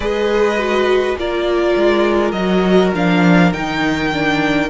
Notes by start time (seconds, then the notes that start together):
0.00 G#3 G#4 B4 D#5
0.57 F#4
1.16 A#3 F4 A#4 D5
1.75 G#3
2.31 F#3 F#4 D#5
2.94 F3 D4 F5
3.52 D#3 D#4 G5
4.12 D4